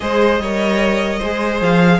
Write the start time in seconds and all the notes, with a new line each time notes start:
0.00 G#3 G#4 C5 D#5
0.40 G3 A#4 C#5
1.18 G#3 G#4 C5
1.61 F3 F5